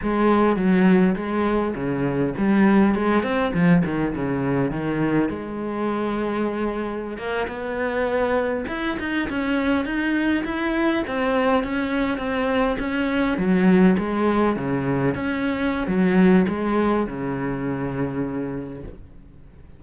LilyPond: \new Staff \with { instrumentName = "cello" } { \time 4/4 \tempo 4 = 102 gis4 fis4 gis4 cis4 | g4 gis8 c'8 f8 dis8 cis4 | dis4 gis2.~ | gis16 ais8 b2 e'8 dis'8 cis'16~ |
cis'8. dis'4 e'4 c'4 cis'16~ | cis'8. c'4 cis'4 fis4 gis16~ | gis8. cis4 cis'4~ cis'16 fis4 | gis4 cis2. | }